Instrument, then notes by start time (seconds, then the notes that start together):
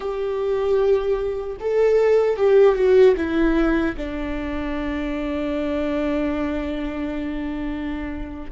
viola
0.00 G4
1.60 A4
2.36 G4
2.75 F#4
3.17 E4
3.97 D4